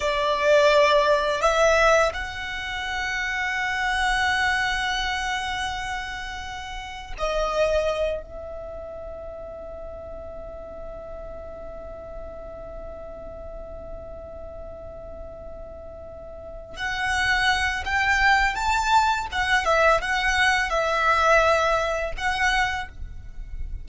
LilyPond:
\new Staff \with { instrumentName = "violin" } { \time 4/4 \tempo 4 = 84 d''2 e''4 fis''4~ | fis''1~ | fis''2 dis''4. e''8~ | e''1~ |
e''1~ | e''2.~ e''8 fis''8~ | fis''4 g''4 a''4 fis''8 e''8 | fis''4 e''2 fis''4 | }